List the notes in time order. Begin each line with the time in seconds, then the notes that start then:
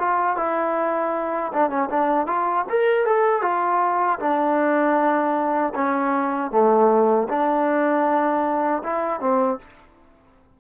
0.00 F4
0.37 E4
1.54 D4
1.70 C#4
1.90 D4
2.27 F4
2.70 A#4
3.06 A4
3.42 F4
4.20 D4
5.75 C#4
6.51 A3
7.29 D4
8.84 E4
9.21 C4